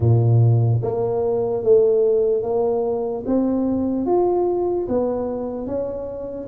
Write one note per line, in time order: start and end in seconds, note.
0.00 0.81 A#2
0.82 1.63 A#3
1.63 2.43 A3
2.43 3.24 A#3
3.25 4.05 C4
4.05 4.86 F4
4.88 5.66 B3
5.66 6.48 C#4